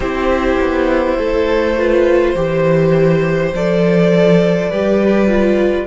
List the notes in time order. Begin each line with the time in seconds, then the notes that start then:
0.00 C4 E4 G4 C5
0.60 B3
1.17 A3 A4
1.77 F4 B4
2.34 E3 G4 C5
3.53 F3 A4 D5
4.69 G3 G4 B4
5.27 F4